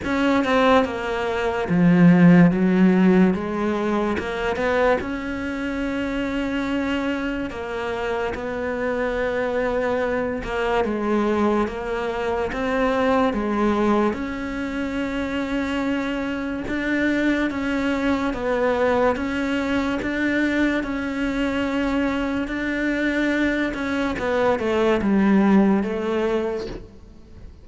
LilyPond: \new Staff \with { instrumentName = "cello" } { \time 4/4 \tempo 4 = 72 cis'8 c'8 ais4 f4 fis4 | gis4 ais8 b8 cis'2~ | cis'4 ais4 b2~ | b8 ais8 gis4 ais4 c'4 |
gis4 cis'2. | d'4 cis'4 b4 cis'4 | d'4 cis'2 d'4~ | d'8 cis'8 b8 a8 g4 a4 | }